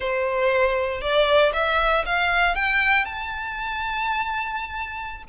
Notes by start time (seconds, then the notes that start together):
0.00 C5
1.01 D5
1.53 E5
2.05 F5
2.55 G5
3.05 A5